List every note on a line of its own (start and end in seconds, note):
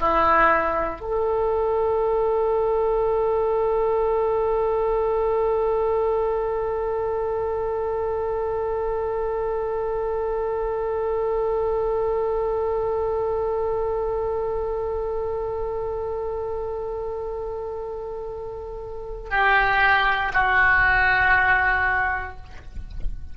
0.00 1.01 E4
1.01 19.31 A4
19.31 20.33 G4
20.33 22.37 F#4